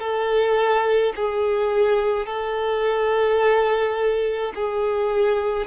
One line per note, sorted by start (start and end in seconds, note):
0.00 1.13 A4
1.16 2.26 G#4
2.26 4.53 A4
4.55 5.67 G#4